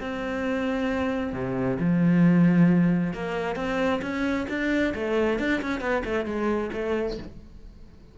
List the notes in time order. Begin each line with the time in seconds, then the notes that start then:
0.00 C4
1.33 C3
1.79 F3
3.13 A#3
3.55 C4
4.02 C#4
4.49 D4
4.94 A3
5.39 D4
5.62 C#4
5.80 B3
6.04 A3
6.25 G#3
6.73 A3